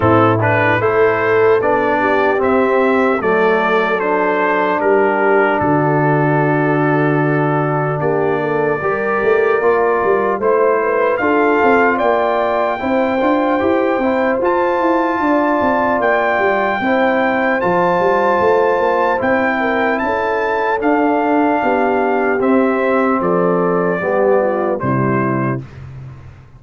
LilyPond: <<
  \new Staff \with { instrumentName = "trumpet" } { \time 4/4 \tempo 4 = 75 a'8 b'8 c''4 d''4 e''4 | d''4 c''4 ais'4 a'4~ | a'2 d''2~ | d''4 c''4 f''4 g''4~ |
g''2 a''2 | g''2 a''2 | g''4 a''4 f''2 | e''4 d''2 c''4 | }
  \new Staff \with { instrumentName = "horn" } { \time 4/4 e'4 a'4. g'4. | a'2 g'4 fis'4~ | fis'2 g'8 a'8 ais'4~ | ais'4 c''8 b'8 a'4 d''4 |
c''2. d''4~ | d''4 c''2.~ | c''8 ais'8 a'2 g'4~ | g'4 a'4 g'8 f'8 e'4 | }
  \new Staff \with { instrumentName = "trombone" } { \time 4/4 c'8 d'8 e'4 d'4 c'4 | a4 d'2.~ | d'2. g'4 | f'4 e'4 f'2 |
e'8 f'8 g'8 e'8 f'2~ | f'4 e'4 f'2 | e'2 d'2 | c'2 b4 g4 | }
  \new Staff \with { instrumentName = "tuba" } { \time 4/4 a,4 a4 b4 c'4 | fis2 g4 d4~ | d2 ais4 g8 a8 | ais8 g8 a4 d'8 c'8 ais4 |
c'8 d'8 e'8 c'8 f'8 e'8 d'8 c'8 | ais8 g8 c'4 f8 g8 a8 ais8 | c'4 cis'4 d'4 b4 | c'4 f4 g4 c4 | }
>>